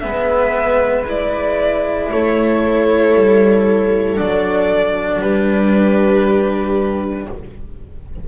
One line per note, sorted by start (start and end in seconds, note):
0.00 2.10 G#3
0.00 1.05 B3
0.00 2.11 B4
0.00 1.03 E5
1.06 4.15 E4
1.06 2.11 D5
2.11 3.14 A3
2.11 5.21 A4
2.11 4.17 C#5
3.14 4.18 G3
4.15 5.21 F#3
4.15 7.26 D4
4.15 5.21 D5
5.21 7.28 G3
5.21 7.28 G4
5.21 7.28 B4